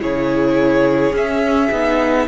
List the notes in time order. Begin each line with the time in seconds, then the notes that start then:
0.00 C#3 E4 G#4 C#5
1.12 C#4 E5
1.71 B3 D#4